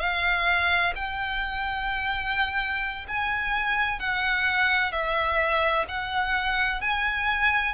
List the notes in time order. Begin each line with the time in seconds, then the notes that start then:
0.00 F5
0.96 G5
3.09 G#5
4.00 F#5
4.92 E5
5.89 F#5
6.81 G#5